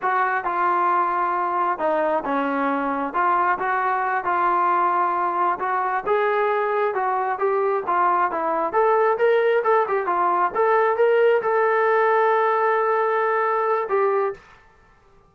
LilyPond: \new Staff \with { instrumentName = "trombone" } { \time 4/4 \tempo 4 = 134 fis'4 f'2. | dis'4 cis'2 f'4 | fis'4. f'2~ f'8~ | f'8 fis'4 gis'2 fis'8~ |
fis'8 g'4 f'4 e'4 a'8~ | a'8 ais'4 a'8 g'8 f'4 a'8~ | a'8 ais'4 a'2~ a'8~ | a'2. g'4 | }